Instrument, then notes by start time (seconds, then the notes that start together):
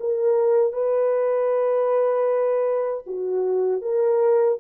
horn
0.00 A#4
0.73 B4
3.07 F#4
3.82 A#4